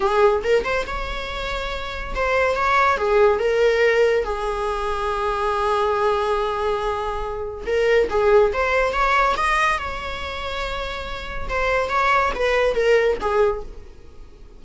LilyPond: \new Staff \with { instrumentName = "viola" } { \time 4/4 \tempo 4 = 141 gis'4 ais'8 c''8 cis''2~ | cis''4 c''4 cis''4 gis'4 | ais'2 gis'2~ | gis'1~ |
gis'2 ais'4 gis'4 | c''4 cis''4 dis''4 cis''4~ | cis''2. c''4 | cis''4 b'4 ais'4 gis'4 | }